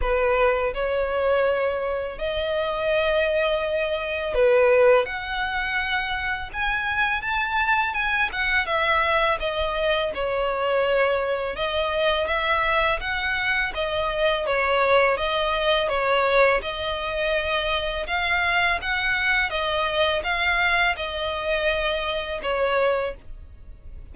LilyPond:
\new Staff \with { instrumentName = "violin" } { \time 4/4 \tempo 4 = 83 b'4 cis''2 dis''4~ | dis''2 b'4 fis''4~ | fis''4 gis''4 a''4 gis''8 fis''8 | e''4 dis''4 cis''2 |
dis''4 e''4 fis''4 dis''4 | cis''4 dis''4 cis''4 dis''4~ | dis''4 f''4 fis''4 dis''4 | f''4 dis''2 cis''4 | }